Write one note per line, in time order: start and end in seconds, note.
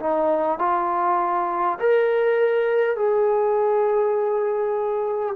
0.00 0.59 D#4
0.59 1.79 F4
1.80 2.97 A#4
2.97 5.37 G#4